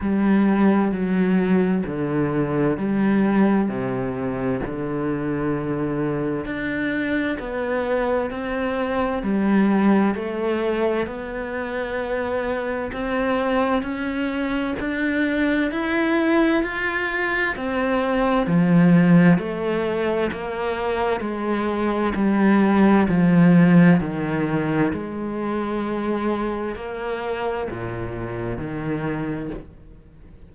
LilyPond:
\new Staff \with { instrumentName = "cello" } { \time 4/4 \tempo 4 = 65 g4 fis4 d4 g4 | c4 d2 d'4 | b4 c'4 g4 a4 | b2 c'4 cis'4 |
d'4 e'4 f'4 c'4 | f4 a4 ais4 gis4 | g4 f4 dis4 gis4~ | gis4 ais4 ais,4 dis4 | }